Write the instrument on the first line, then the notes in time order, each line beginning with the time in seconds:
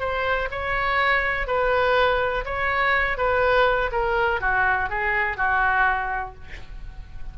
oboe
0.00 C5
0.51 C#5
1.47 B4
2.45 C#5
3.18 B4
3.92 A#4
4.41 F#4
4.90 G#4
5.37 F#4